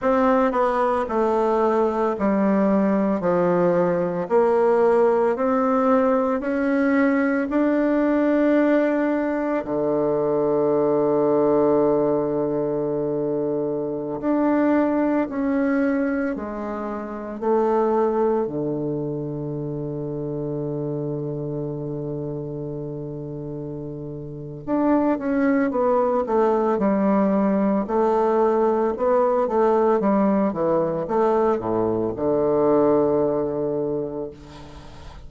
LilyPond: \new Staff \with { instrumentName = "bassoon" } { \time 4/4 \tempo 4 = 56 c'8 b8 a4 g4 f4 | ais4 c'4 cis'4 d'4~ | d'4 d2.~ | d4~ d16 d'4 cis'4 gis8.~ |
gis16 a4 d2~ d8.~ | d2. d'8 cis'8 | b8 a8 g4 a4 b8 a8 | g8 e8 a8 a,8 d2 | }